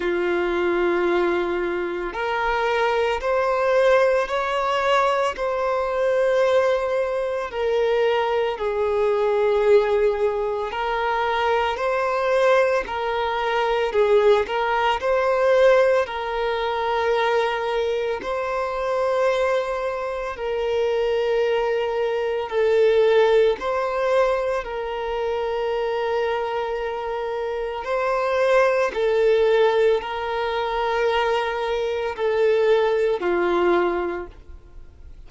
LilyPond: \new Staff \with { instrumentName = "violin" } { \time 4/4 \tempo 4 = 56 f'2 ais'4 c''4 | cis''4 c''2 ais'4 | gis'2 ais'4 c''4 | ais'4 gis'8 ais'8 c''4 ais'4~ |
ais'4 c''2 ais'4~ | ais'4 a'4 c''4 ais'4~ | ais'2 c''4 a'4 | ais'2 a'4 f'4 | }